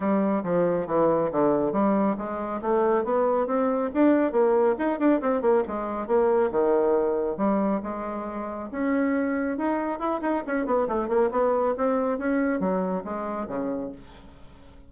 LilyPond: \new Staff \with { instrumentName = "bassoon" } { \time 4/4 \tempo 4 = 138 g4 f4 e4 d4 | g4 gis4 a4 b4 | c'4 d'4 ais4 dis'8 d'8 | c'8 ais8 gis4 ais4 dis4~ |
dis4 g4 gis2 | cis'2 dis'4 e'8 dis'8 | cis'8 b8 a8 ais8 b4 c'4 | cis'4 fis4 gis4 cis4 | }